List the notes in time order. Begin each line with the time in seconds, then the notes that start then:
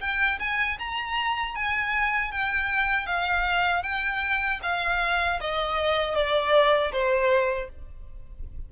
0.00 G5
0.39 G#5
0.79 A#5
1.55 G#5
2.31 G5
3.06 F5
3.83 G5
4.62 F5
5.40 D#5
6.15 D5
6.92 C5